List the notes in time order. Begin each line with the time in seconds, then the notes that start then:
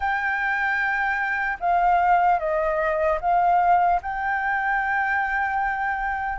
0.00 G5
1.60 F5
2.39 D#5
3.20 F5
4.02 G5